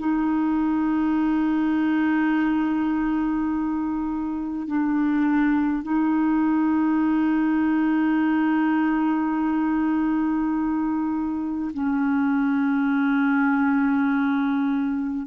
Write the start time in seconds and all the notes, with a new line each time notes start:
0.00 D#4
4.67 D4
5.83 D#4
11.74 C#4